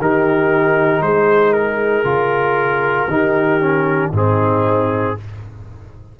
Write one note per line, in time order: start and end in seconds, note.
0.00 1.02 D#3
0.00 2.05 D#4
0.00 1.03 G4
0.00 1.02 A#4
1.02 2.04 G#3
1.02 3.11 G#4
1.02 1.53 C5
1.53 4.11 A#4
2.04 3.08 C#3
2.04 3.08 F4
3.08 4.11 D#3
3.08 3.61 D#4
3.08 4.13 G4
3.61 4.13 C#4
4.12 5.16 G#2
4.12 5.17 C4
4.12 5.16 D#4
4.12 5.20 G#4